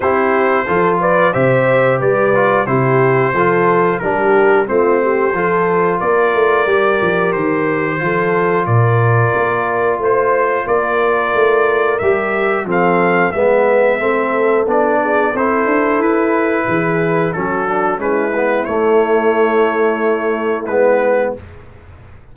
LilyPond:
<<
  \new Staff \with { instrumentName = "trumpet" } { \time 4/4 \tempo 4 = 90 c''4. d''8 e''4 d''4 | c''2 ais'4 c''4~ | c''4 d''2 c''4~ | c''4 d''2 c''4 |
d''2 e''4 f''4 | e''2 d''4 c''4 | b'2 a'4 b'4 | cis''2. b'4 | }
  \new Staff \with { instrumentName = "horn" } { \time 4/4 g'4 a'8 b'8 c''4 b'4 | g'4 a'4 g'4 f'8 g'8 | a'4 ais'2. | a'4 ais'2 c''4 |
ais'2. a'4 | b'4 a'4. gis'8 a'4~ | a'4 gis'4 fis'4 e'4~ | e'1 | }
  \new Staff \with { instrumentName = "trombone" } { \time 4/4 e'4 f'4 g'4. f'8 | e'4 f'4 d'4 c'4 | f'2 g'2 | f'1~ |
f'2 g'4 c'4 | b4 c'4 d'4 e'4~ | e'2 cis'8 d'8 cis'8 b8 | a2. b4 | }
  \new Staff \with { instrumentName = "tuba" } { \time 4/4 c'4 f4 c4 g4 | c4 f4 g4 a4 | f4 ais8 a8 g8 f8 dis4 | f4 ais,4 ais4 a4 |
ais4 a4 g4 f4 | gis4 a4 b4 c'8 d'8 | e'4 e4 fis4 gis4 | a2. gis4 | }
>>